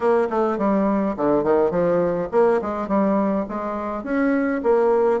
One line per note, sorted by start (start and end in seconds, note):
0.00 0.28 A#3
0.30 0.58 A3
0.58 1.15 G3
1.16 1.43 D3
1.43 1.70 D#3
1.70 2.28 F3
2.31 2.60 A#3
2.61 2.87 G#3
2.87 3.45 G3
3.49 4.03 G#3
4.03 4.61 C#4
4.63 5.20 A#3